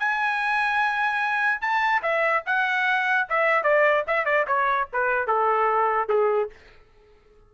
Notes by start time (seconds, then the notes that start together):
0.00 G#5
1.62 A5
2.03 E5
2.46 F#5
3.30 E5
3.64 D5
4.08 E5
4.26 D5
4.48 C#5
4.93 B4
5.28 A4
6.09 G#4